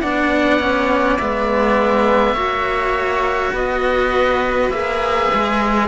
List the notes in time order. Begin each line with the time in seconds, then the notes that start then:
0.00 B3 D4 D5 F#5
0.60 C#4
1.18 G#3 B3 E5
2.34 A#3 F#4 C#5
3.52 B3 B4 D#5
4.70 A#3 G#4 E5
5.34 G#3